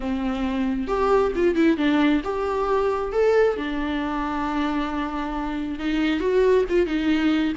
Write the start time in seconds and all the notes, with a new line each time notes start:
0.00 C4
0.87 G4
1.35 F4
1.55 E4
1.77 D4
2.24 G4
3.12 A4
3.57 D4
5.79 D#4
6.20 F#4
6.69 F4
6.86 D#4